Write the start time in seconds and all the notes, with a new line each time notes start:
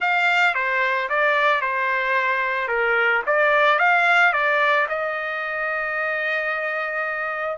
0.00 F5
0.54 C5
1.09 D5
1.61 C5
2.68 A#4
3.26 D5
3.78 F5
4.32 D5
4.88 D#5